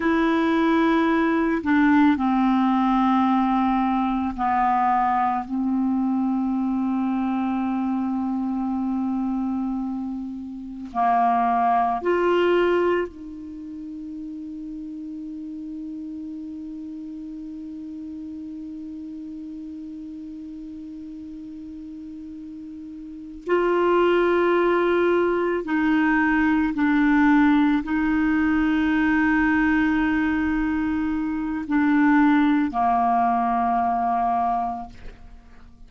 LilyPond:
\new Staff \with { instrumentName = "clarinet" } { \time 4/4 \tempo 4 = 55 e'4. d'8 c'2 | b4 c'2.~ | c'2 ais4 f'4 | dis'1~ |
dis'1~ | dis'4. f'2 dis'8~ | dis'8 d'4 dis'2~ dis'8~ | dis'4 d'4 ais2 | }